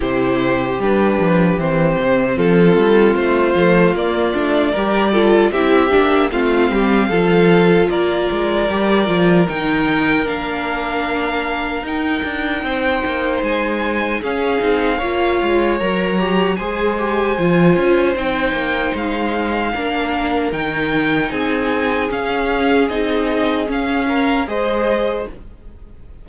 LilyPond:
<<
  \new Staff \with { instrumentName = "violin" } { \time 4/4 \tempo 4 = 76 c''4 b'4 c''4 a'4 | c''4 d''2 e''4 | f''2 d''2 | g''4 f''2 g''4~ |
g''4 gis''4 f''2 | ais''4 gis''2 g''4 | f''2 g''4 gis''4 | f''4 dis''4 f''4 dis''4 | }
  \new Staff \with { instrumentName = "violin" } { \time 4/4 g'2. f'4~ | f'2 ais'8 a'8 g'4 | f'8 g'8 a'4 ais'2~ | ais'1 |
c''2 gis'4 cis''4~ | cis''4 c''2.~ | c''4 ais'2 gis'4~ | gis'2~ gis'8 ais'8 c''4 | }
  \new Staff \with { instrumentName = "viola" } { \time 4/4 e'4 d'4 c'2~ | c'8 a8 ais8 d'8 g'8 f'8 e'8 d'8 | c'4 f'2 g'8 f'8 | dis'4 d'2 dis'4~ |
dis'2 cis'8 dis'8 f'4 | ais'8 g'8 gis'8 g'8 f'4 dis'4~ | dis'4 d'4 dis'2 | cis'4 dis'4 cis'4 gis'4 | }
  \new Staff \with { instrumentName = "cello" } { \time 4/4 c4 g8 f8 e8 c8 f8 g8 | a8 f8 ais8 a8 g4 c'8 ais8 | a8 g8 f4 ais8 gis8 g8 f8 | dis4 ais2 dis'8 d'8 |
c'8 ais8 gis4 cis'8 c'8 ais8 gis8 | fis4 gis4 f8 cis'8 c'8 ais8 | gis4 ais4 dis4 c'4 | cis'4 c'4 cis'4 gis4 | }
>>